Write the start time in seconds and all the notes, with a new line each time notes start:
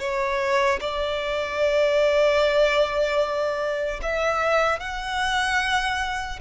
0.00 C#5
0.81 D5
4.03 E5
4.80 F#5